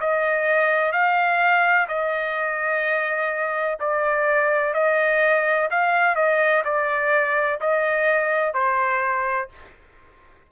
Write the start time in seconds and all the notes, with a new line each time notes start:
0.00 D#5
0.92 F5
1.88 D#5
3.80 D5
4.74 D#5
5.71 F5
6.16 D#5
6.65 D5
7.61 D#5
8.54 C5